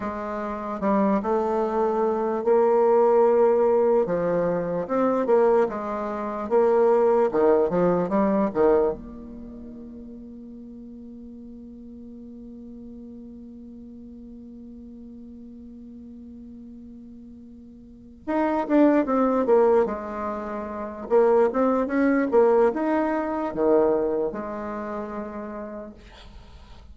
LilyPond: \new Staff \with { instrumentName = "bassoon" } { \time 4/4 \tempo 4 = 74 gis4 g8 a4. ais4~ | ais4 f4 c'8 ais8 gis4 | ais4 dis8 f8 g8 dis8 ais4~ | ais1~ |
ais1~ | ais2~ ais8 dis'8 d'8 c'8 | ais8 gis4. ais8 c'8 cis'8 ais8 | dis'4 dis4 gis2 | }